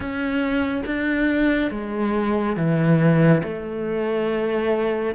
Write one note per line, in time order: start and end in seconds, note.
0.00 0.82 C#4
0.86 1.71 D4
1.71 2.56 G#3
2.56 3.42 E3
3.43 5.14 A3